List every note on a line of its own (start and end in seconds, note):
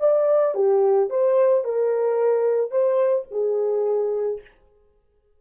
0.00 0.55 D5
0.55 1.10 G4
1.10 1.64 C5
1.64 2.71 A#4
2.71 3.26 C5
3.31 4.41 G#4